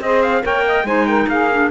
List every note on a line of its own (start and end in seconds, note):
0.00 0.43 C4
0.00 0.42 G#4
0.00 0.42 C5
0.00 0.22 D#5
0.22 0.43 F5
0.42 0.83 A#3
0.42 0.84 A#4
0.42 0.64 C#5
0.42 0.86 G5
0.67 0.85 D#5
0.83 1.26 G#3
0.83 1.50 D#4
0.83 1.07 C5
0.83 1.07 G#5
1.07 1.28 A#4
1.07 1.28 G5
1.27 1.70 A#3
1.27 1.70 G#4
1.27 1.70 F5
1.51 1.70 D4